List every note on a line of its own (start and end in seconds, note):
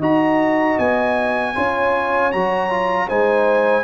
0.00 0.77 D#4
0.00 1.55 F#4
0.00 1.54 D#5
0.00 0.79 A#5
0.79 1.56 B3
0.79 2.32 G#5
1.55 2.34 C#4
1.55 2.32 F4
1.55 3.08 C#5
2.32 3.11 F#3
2.32 2.70 F#4
2.32 3.09 A#5
2.70 3.09 F4
3.08 3.84 G#3
3.08 3.84 D#4
3.08 3.84 C5
3.08 3.84 G#5